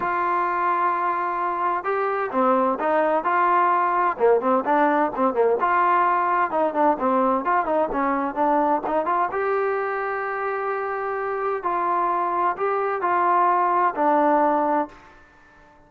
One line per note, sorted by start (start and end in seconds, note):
0.00 1.84 F4
1.84 2.30 G4
2.31 2.78 C4
2.79 3.23 D#4
3.23 4.16 F4
4.18 4.40 A#3
4.40 4.64 C4
4.65 5.11 D4
5.15 5.33 C4
5.33 5.57 A#3
5.60 6.51 F4
6.51 6.74 D#4
6.74 6.97 D4
6.99 7.44 C4
7.44 7.65 F4
7.65 7.88 D#4
7.92 8.35 C#4
8.35 8.81 D4
8.86 9.05 D#4
9.05 9.29 F4
9.31 11.63 G4
11.63 12.56 F4
12.56 13.01 G4
13.01 13.94 F4
13.95 14.88 D4